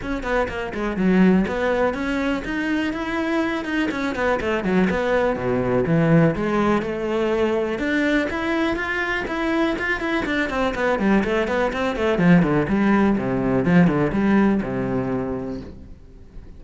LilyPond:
\new Staff \with { instrumentName = "cello" } { \time 4/4 \tempo 4 = 123 cis'8 b8 ais8 gis8 fis4 b4 | cis'4 dis'4 e'4. dis'8 | cis'8 b8 a8 fis8 b4 b,4 | e4 gis4 a2 |
d'4 e'4 f'4 e'4 | f'8 e'8 d'8 c'8 b8 g8 a8 b8 | c'8 a8 f8 d8 g4 c4 | f8 d8 g4 c2 | }